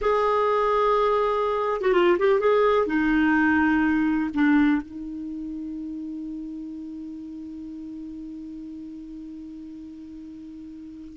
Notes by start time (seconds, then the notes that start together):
0.01 G#4
1.81 F#4
1.93 F4
2.18 G4
2.40 G#4
2.86 D#4
4.33 D4
4.82 D#4